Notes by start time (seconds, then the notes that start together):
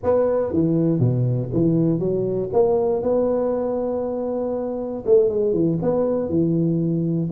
0.03 B3
0.52 E3
0.99 B2
1.53 E3
1.99 F#3
2.52 A#3
3.02 B3
5.06 A3
5.29 G#3
5.53 E3
5.81 B3
6.29 E3